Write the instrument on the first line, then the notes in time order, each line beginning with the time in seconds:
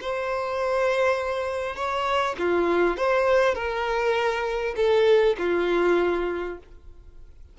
violin
0.00 C5
1.75 C#5
2.38 F4
2.97 C5
3.54 A#4
4.76 A4
5.38 F4